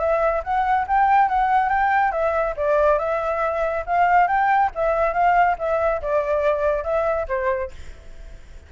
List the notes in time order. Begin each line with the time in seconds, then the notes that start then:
0.00 E5
0.44 F#5
0.88 G5
1.29 F#5
1.69 G5
2.12 E5
2.57 D5
2.99 E5
3.86 F5
4.28 G5
4.76 E5
5.14 F5
5.59 E5
6.02 D5
6.84 E5
7.28 C5